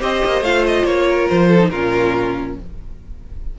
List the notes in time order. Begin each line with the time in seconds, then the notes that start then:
0.00 C4 G4 C5 D#5
0.24 A#3
0.41 A3 F4 F5
0.66 D#5
0.84 A#3 C#5
1.09 A#4
1.29 F3 C5
1.48 A4
1.59 D#4
1.69 A#2 C#4 F4 A#4